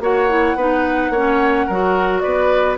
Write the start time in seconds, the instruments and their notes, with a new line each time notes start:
0.00 bassoon A#3, clarinet F#4, oboe C#5, flute F#5
0.29 clarinet E4
0.55 bassoon B3, clarinet D#4, oboe B4
1.10 bassoon A#3, clarinet C#4, oboe C#5
1.66 bassoon F#3, clarinet F#4, oboe A#4
2.20 bassoon B3, oboe B4, flute D5